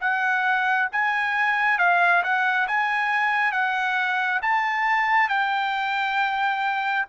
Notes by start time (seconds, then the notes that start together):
0.00 F#5
0.91 G#5
1.78 F5
2.23 F#5
2.67 G#5
3.52 F#5
4.42 A5
5.29 G5